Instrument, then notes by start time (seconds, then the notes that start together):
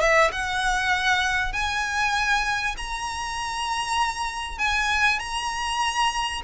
violin
0.00 E5
0.32 F#5
1.53 G#5
2.77 A#5
4.58 G#5
5.19 A#5